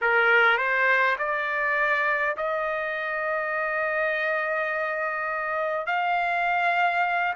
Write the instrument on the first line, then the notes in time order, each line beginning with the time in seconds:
trumpet
0.01 A#4
0.57 C5
1.18 D5
2.36 D#5
5.86 F5